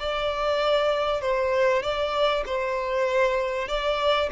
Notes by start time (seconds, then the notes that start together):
0.00 D5
1.22 C5
1.83 D5
2.46 C5
3.68 D5